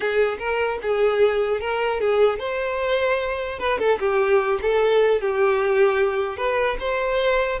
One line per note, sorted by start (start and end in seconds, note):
0.00 0.38 G#4
0.38 0.78 A#4
0.82 1.60 G#4
1.60 2.00 A#4
2.00 2.39 G#4
2.39 3.59 C5
3.59 3.79 B4
3.79 3.99 A4
3.99 4.59 G4
4.61 5.20 A4
5.20 6.37 G4
6.37 6.77 B4
6.79 7.59 C5